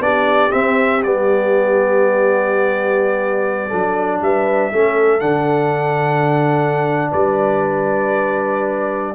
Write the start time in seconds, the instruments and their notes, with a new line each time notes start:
0.00 tuba B3, trombone D4, horn G4, trumpet D5
0.51 trombone C4, tuba C4, trumpet E5
1.03 tuba G3, trombone B3, trumpet D5
3.68 tuba F#3, trombone D4, horn A4
4.21 tuba G3, horn B4, trumpet E5
4.72 tuba A3, trombone C#4, horn A4
5.21 tuba D3, trombone D4, trumpet F#5
7.10 tuba G3, horn B4, trumpet D5